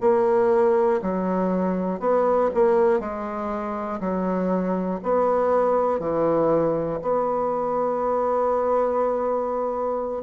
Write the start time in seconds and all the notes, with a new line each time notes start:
0.00 A#3
1.01 F#3
2.00 B3
2.54 A#3
3.00 G#3
4.00 F#3
5.02 B3
5.99 E3
7.01 B3